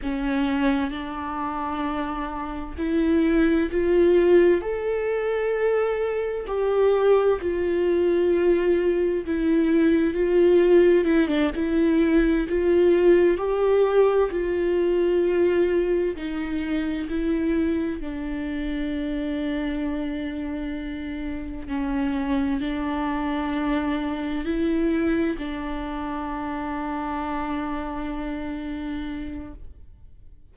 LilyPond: \new Staff \with { instrumentName = "viola" } { \time 4/4 \tempo 4 = 65 cis'4 d'2 e'4 | f'4 a'2 g'4 | f'2 e'4 f'4 | e'16 d'16 e'4 f'4 g'4 f'8~ |
f'4. dis'4 e'4 d'8~ | d'2.~ d'8 cis'8~ | cis'8 d'2 e'4 d'8~ | d'1 | }